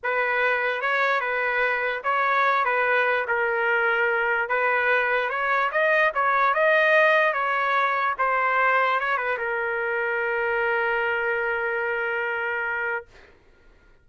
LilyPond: \new Staff \with { instrumentName = "trumpet" } { \time 4/4 \tempo 4 = 147 b'2 cis''4 b'4~ | b'4 cis''4. b'4. | ais'2. b'4~ | b'4 cis''4 dis''4 cis''4 |
dis''2 cis''2 | c''2 cis''8 b'8 ais'4~ | ais'1~ | ais'1 | }